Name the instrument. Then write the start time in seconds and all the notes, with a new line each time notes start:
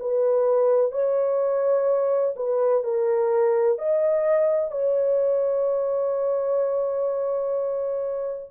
horn
0.00 B4
0.92 C#5
2.36 B4
2.84 A#4
3.79 D#5
4.72 C#5